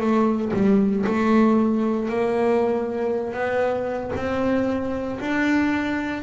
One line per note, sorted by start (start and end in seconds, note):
0.00 0.52 A3
0.53 1.05 G3
1.06 2.09 A3
2.09 3.34 A#3
3.34 4.11 B3
4.16 5.19 C4
5.20 6.23 D4